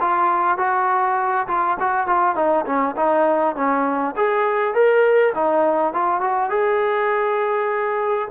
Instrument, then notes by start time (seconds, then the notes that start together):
trombone
0.00 F4
0.58 F#4
1.48 F4
1.80 F#4
2.07 F4
2.35 D#4
2.66 C#4
2.96 D#4
3.56 C#4
4.16 G#4
4.74 A#4
5.35 D#4
5.94 F4
6.21 F#4
6.50 G#4